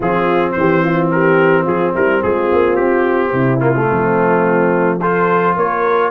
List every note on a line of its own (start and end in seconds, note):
0.00 0.54 F3
0.00 3.60 C4
0.00 0.55 F4
0.00 0.52 G#4
0.52 1.67 E3
0.52 1.07 C5
0.58 0.83 G4
0.83 1.11 F4
1.11 1.64 G4
1.11 1.67 A#4
1.64 1.95 F3
1.64 1.91 F4
1.64 1.94 G#4
1.94 2.23 G3
1.94 2.22 E4
1.94 2.22 A#4
2.22 2.51 G#3
2.22 3.30 F4
2.22 2.76 G#4
2.52 2.78 A#3
2.76 3.32 C4
2.76 3.59 G4
3.30 3.88 C3
3.30 3.86 E4
3.60 3.74 A#3
3.60 4.99 F4
3.75 5.00 A3
3.90 5.56 F3
3.90 5.00 C4
5.00 6.11 F4
5.00 5.55 A4
5.00 5.56 C5
5.56 6.11 A#3
5.56 6.11 A#4
5.56 6.11 C#5